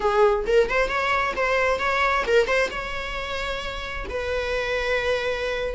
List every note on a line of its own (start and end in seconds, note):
0.00 0.45 G#4
0.46 0.69 A#4
0.69 0.88 C5
0.88 1.33 C#5
1.36 1.79 C5
1.79 2.24 C#5
2.27 2.47 A#4
2.47 2.69 C5
2.70 4.06 C#5
4.09 5.75 B4